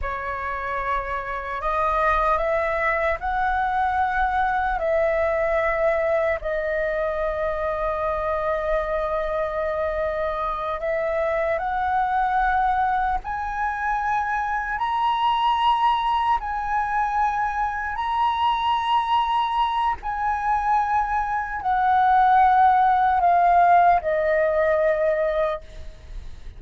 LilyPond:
\new Staff \with { instrumentName = "flute" } { \time 4/4 \tempo 4 = 75 cis''2 dis''4 e''4 | fis''2 e''2 | dis''1~ | dis''4. e''4 fis''4.~ |
fis''8 gis''2 ais''4.~ | ais''8 gis''2 ais''4.~ | ais''4 gis''2 fis''4~ | fis''4 f''4 dis''2 | }